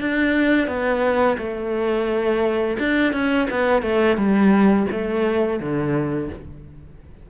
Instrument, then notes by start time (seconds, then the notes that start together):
cello
0.00 D4
0.67 B3
1.38 A3
2.79 D4
3.13 C#4
3.50 B3
3.82 A3
4.17 G3
4.92 A3
5.60 D3